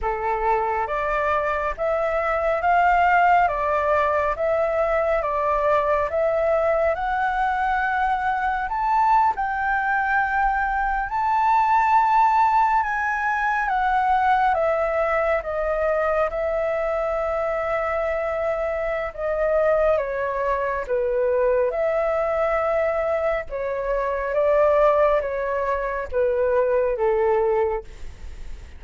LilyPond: \new Staff \with { instrumentName = "flute" } { \time 4/4 \tempo 4 = 69 a'4 d''4 e''4 f''4 | d''4 e''4 d''4 e''4 | fis''2 a''8. g''4~ g''16~ | g''8. a''2 gis''4 fis''16~ |
fis''8. e''4 dis''4 e''4~ e''16~ | e''2 dis''4 cis''4 | b'4 e''2 cis''4 | d''4 cis''4 b'4 a'4 | }